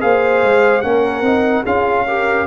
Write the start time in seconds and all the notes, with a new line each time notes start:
0.00 A#3 G#4 C5 F5
0.42 G#3
0.81 A#3 C#4 A#4 F#5
1.21 C4 D#4
1.62 C#4 F4 G#4 F5
2.06 G4 A#4